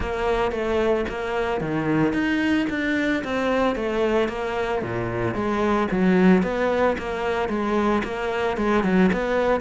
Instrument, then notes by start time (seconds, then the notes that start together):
cello
0.00 A#3
0.51 A3
1.08 A#3
1.60 D#3
2.13 D#4
2.69 D4
3.24 C4
3.75 A3
4.28 A#3
4.81 A#2
5.34 G#3
5.91 F#3
6.43 B3
6.98 A#3
7.49 G#3
8.04 A#3
8.57 G#3
8.83 F#3
9.12 B3